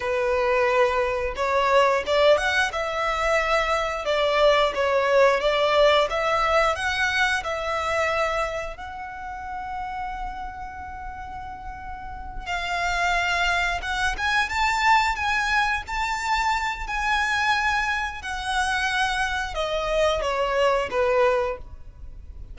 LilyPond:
\new Staff \with { instrumentName = "violin" } { \time 4/4 \tempo 4 = 89 b'2 cis''4 d''8 fis''8 | e''2 d''4 cis''4 | d''4 e''4 fis''4 e''4~ | e''4 fis''2.~ |
fis''2~ fis''8 f''4.~ | f''8 fis''8 gis''8 a''4 gis''4 a''8~ | a''4 gis''2 fis''4~ | fis''4 dis''4 cis''4 b'4 | }